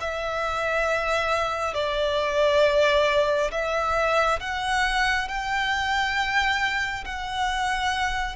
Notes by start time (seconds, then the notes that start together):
0.00 E5
1.74 D5
3.51 E5
4.40 F#5
5.28 G5
7.05 F#5